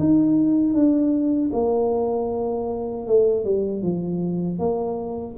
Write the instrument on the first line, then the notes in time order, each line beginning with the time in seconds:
tuba
0.00 D#4
0.74 D4
1.53 A#3
3.07 A3
3.45 G3
3.83 F3
4.59 A#3